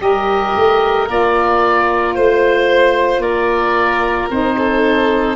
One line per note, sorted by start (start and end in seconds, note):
0.00 0.54 G3
0.00 1.07 G4
0.00 2.16 A#4
0.00 1.09 D#5
0.56 1.09 A3
1.08 2.16 A#3
1.08 4.29 F4
1.08 2.15 D5
2.15 3.18 A3
2.15 3.22 C5
3.18 4.25 A#3
3.18 4.56 A#4
3.18 4.29 D5
4.30 5.36 C4
4.30 5.36 D#4
4.30 5.36 C5
4.58 5.36 A4